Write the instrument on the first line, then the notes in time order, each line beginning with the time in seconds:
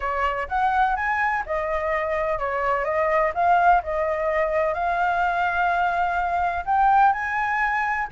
flute
0.00 C#5
0.48 F#5
0.96 G#5
1.45 D#5
2.39 C#5
2.84 D#5
3.34 F5
3.83 D#5
4.74 F5
6.65 G5
7.13 G#5